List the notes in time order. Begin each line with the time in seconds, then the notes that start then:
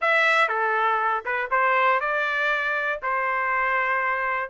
0.01 E5
0.48 A4
1.25 B4
1.50 C5
2.00 D5
3.02 C5